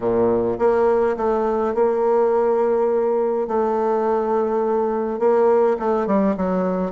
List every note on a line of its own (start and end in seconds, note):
0.00 0.57 A#2
0.58 1.16 A#3
1.16 1.74 A3
1.74 3.47 A#3
3.47 5.19 A3
5.19 5.76 A#3
5.79 6.06 A3
6.06 6.35 G3
6.36 6.91 F#3